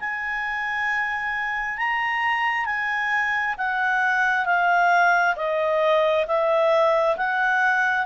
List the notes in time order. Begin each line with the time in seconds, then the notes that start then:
0.00 G#5
1.78 A#5
2.65 G#5
3.57 F#5
4.46 F5
5.36 D#5
6.27 E5
7.17 F#5